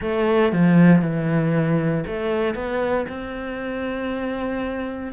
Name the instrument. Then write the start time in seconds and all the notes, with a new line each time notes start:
cello
0.01 A3
0.52 F3
1.01 E3
2.07 A3
2.54 B3
3.08 C4